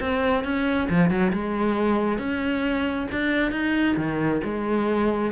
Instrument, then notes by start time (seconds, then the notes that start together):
cello
0.00 C4
0.44 C#4
0.90 F3
1.10 F#3
1.33 G#3
2.18 C#4
3.12 D4
3.52 D#4
3.97 D#3
4.44 G#3